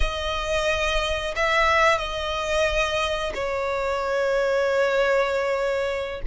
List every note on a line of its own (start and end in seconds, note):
0.00 1.34 D#5
1.35 1.98 E5
1.98 3.32 D#5
3.34 6.21 C#5